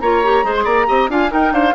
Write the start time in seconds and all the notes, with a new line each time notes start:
0.00 A#3 F4 C#5 A#5
0.24 G4
0.43 G#3 G#4 C5
0.56 C6
0.64 A#3 D5 A#5
0.87 C4 G4 D#5
1.09 D4 F4 F5 G#5
1.29 D#4 A#4 G5
1.52 D4 C5 F5